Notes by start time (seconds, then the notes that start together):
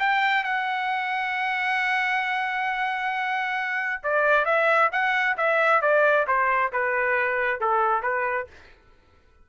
0.00 G5
0.44 F#5
4.04 D5
4.46 E5
4.93 F#5
5.38 E5
5.82 D5
6.28 C5
6.73 B4
7.61 A4
8.03 B4